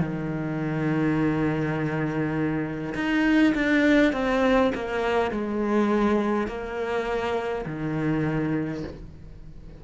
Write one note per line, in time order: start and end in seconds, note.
0.00 2.94 D#3
2.95 3.53 D#4
3.55 4.13 D4
4.13 4.72 C4
4.74 5.31 A#3
5.31 6.47 G#3
6.47 7.65 A#3
7.66 8.83 D#3